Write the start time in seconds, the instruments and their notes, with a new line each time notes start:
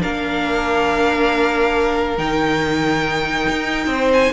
0.00 cello A#3, viola D4, violin A#4 F5
2.17 cello D#3, viola D#4, violin G5
3.48 cello D#4
3.86 cello C4, violin C5
4.12 violin G#5